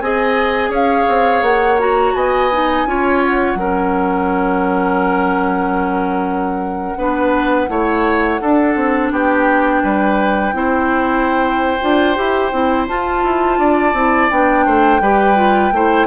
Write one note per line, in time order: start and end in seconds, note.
0.00 0.69 C4
0.00 1.79 G#4
0.00 0.70 D#5
0.00 0.71 G#5
0.69 1.05 C#4
0.69 2.13 C#5
0.69 1.43 F5
1.08 1.42 C4
1.42 2.13 A#3
1.42 1.79 F#5
1.79 2.50 F#4
1.79 2.14 A#5
2.14 2.85 B3
2.14 2.88 D#5
2.14 3.21 G#5
2.52 2.87 D#4
2.85 3.55 C#4
2.85 3.58 F4
2.85 3.58 C#5
3.21 9.11 F#5
3.55 6.94 F#3
3.55 6.98 C#4
3.55 6.98 A#4
6.97 7.68 B3
6.97 7.68 D4
6.97 7.69 B4
7.68 8.40 A3
7.68 8.39 E4
7.68 8.41 C#5
8.40 8.75 D4
8.40 10.53 D4
8.40 9.12 A4
8.75 9.11 C4
9.11 9.82 B3
9.11 9.82 G4
9.11 12.87 G5
9.82 10.53 G3
9.82 10.54 B4
10.53 11.78 C4
10.53 11.78 E4
10.53 13.59 C5
11.81 12.17 D4
11.81 12.15 F4
12.15 12.52 E4
12.15 12.51 G4
12.52 12.87 C4
12.52 12.88 E4
12.87 13.95 F4
12.87 13.23 F4
12.87 14.30 A5
13.23 13.58 E4
13.58 13.93 D4
13.58 14.65 D5
13.93 14.29 C4
13.93 14.30 E4
14.30 14.66 B3
14.30 15.01 D4
14.30 16.07 G5
14.65 15.00 A3
14.65 15.01 C5
15.00 15.71 G3
15.00 15.35 G4
15.00 15.73 B4
15.35 15.71 F4
15.71 16.07 A3
15.71 16.07 E4
15.71 16.07 C5